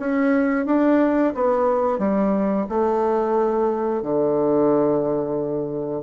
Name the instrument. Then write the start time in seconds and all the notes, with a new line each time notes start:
bassoon
0.00 C#4
0.66 D4
1.35 B3
1.99 G3
2.69 A3
4.03 D3